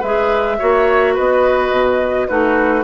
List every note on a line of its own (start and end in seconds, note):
0.00 0.59 G#3
0.00 0.59 G#4
0.00 0.57 B4
0.00 1.16 E5
0.59 1.19 A#3
0.59 2.28 F#4
0.59 1.14 C#5
1.14 1.72 B3
1.14 2.27 B4
1.14 2.28 D#5
1.72 2.28 B2
2.28 2.85 A3
2.28 2.85 D#4
2.28 2.85 F#4
2.28 2.84 B4